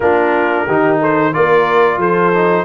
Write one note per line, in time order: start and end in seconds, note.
0.00 0.66 A#3
0.00 0.68 D4
0.00 0.65 F4
0.00 0.97 A#4
0.65 1.33 D#3
0.65 1.33 D#4
0.65 0.99 G4
0.99 1.32 A4
0.99 1.33 C5
1.33 1.97 A#3
1.33 2.33 F4
1.33 1.98 A#4
1.33 2.00 D5
1.97 2.64 F3
1.97 2.65 A4
1.97 2.65 C5
2.33 2.65 D#4